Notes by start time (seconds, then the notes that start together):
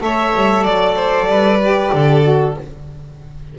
0.00 A3 A4 C#5 E5
0.35 G3
0.63 F#3 D5
0.95 C5
1.26 G3 B4
1.62 G4
1.93 D3 A4
2.22 F#4